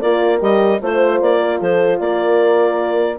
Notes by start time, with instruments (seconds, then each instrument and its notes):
0.00 bassoon A#3, horn F4 A#4, clarinet D5
0.39 bassoon G3, horn G4, clarinet D#5
0.81 bassoon A3, horn F4 C5, clarinet C5
1.21 bassoon A#3, clarinet D5
1.38 horn A#4
1.60 bassoon F3, horn A4, clarinet C5
1.99 bassoon A#3, horn A#4, clarinet D5